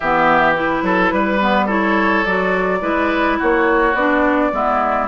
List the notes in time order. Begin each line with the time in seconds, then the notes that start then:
0.00 E3 B3 G4 E5
0.54 E4 B4
0.82 F#3 A4
1.11 G3 B4
1.40 B3
1.66 E4 A4 C#5
2.25 F#3 F#4 D5
2.81 G#3 E4 B4
3.38 A#3 F#4 C#5
3.94 B3 D4 D5
4.52 G#3 B3 E4